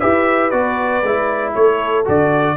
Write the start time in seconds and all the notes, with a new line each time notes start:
0.00 E4 G4 B4 E5
0.51 B3 F#4 D5
1.03 G#3 E4
1.55 A3 A4 C#5
2.05 D3 F#4 D5